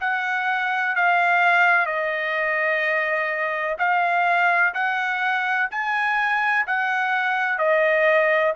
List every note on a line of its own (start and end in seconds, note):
0.00 0.95 F#5
0.96 1.86 F5
1.86 3.76 D#5
3.78 4.73 F5
4.74 5.69 F#5
5.71 6.66 G#5
6.67 7.58 F#5
7.58 8.53 D#5